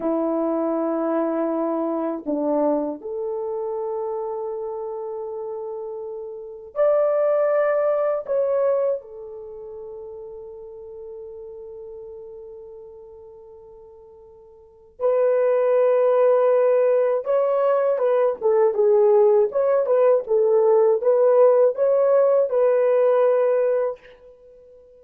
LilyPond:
\new Staff \with { instrumentName = "horn" } { \time 4/4 \tempo 4 = 80 e'2. d'4 | a'1~ | a'4 d''2 cis''4 | a'1~ |
a'1 | b'2. cis''4 | b'8 a'8 gis'4 cis''8 b'8 a'4 | b'4 cis''4 b'2 | }